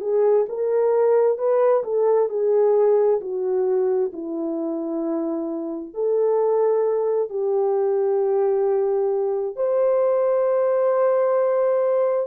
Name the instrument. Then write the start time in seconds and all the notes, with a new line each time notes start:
horn
0.00 G#4
0.49 A#4
1.38 B4
1.83 A4
2.29 G#4
3.20 F#4
4.12 E4
5.94 A4
7.29 G4
9.56 C5